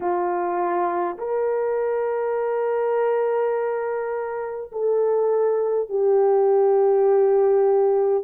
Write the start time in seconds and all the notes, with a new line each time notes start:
0.00 F4
1.18 A#4
4.72 A4
5.89 G4